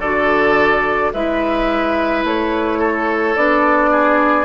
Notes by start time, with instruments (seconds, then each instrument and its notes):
0.00 bassoon D3, clarinet F#4, oboe A4, flute D5
1.13 bassoon G#3, clarinet E4, oboe B4, flute E5
2.24 bassoon A3, flute C#5
2.79 oboe A4
3.36 bassoon B3, clarinet D4, flute D5
3.91 oboe G#4